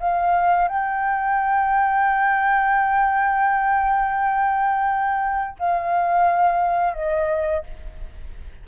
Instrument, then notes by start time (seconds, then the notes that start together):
flute
0.00 F5
0.68 G5
5.59 F5
6.94 D#5